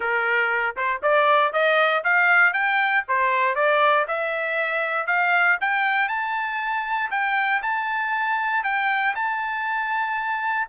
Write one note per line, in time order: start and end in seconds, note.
0.00 0.75 A#4
0.76 1.01 C5
1.02 1.53 D5
1.53 2.03 D#5
2.03 2.53 F5
2.53 3.04 G5
3.08 3.55 C5
3.55 4.05 D5
4.07 5.07 E5
5.07 5.57 F5
5.60 6.08 G5
6.08 7.10 A5
7.10 7.61 G5
7.62 8.63 A5
8.63 9.14 G5
9.15 10.67 A5